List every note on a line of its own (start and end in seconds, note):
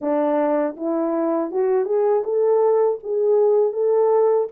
0.01 0.76 D4
0.76 1.51 E4
1.51 1.85 F#4
1.85 2.22 G#4
2.24 2.99 A4
3.03 3.73 G#4
3.73 4.48 A4